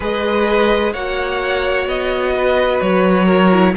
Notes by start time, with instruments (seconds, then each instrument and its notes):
0.00 cello G#3, viola G#4, violin B4 D#5
0.92 cello A#3, viola F#4, violin C#5 F#5
1.86 cello B3, violin D#5
2.36 violin B4
2.80 cello F#3, violin C#5
3.25 violin A#4
3.52 viola E4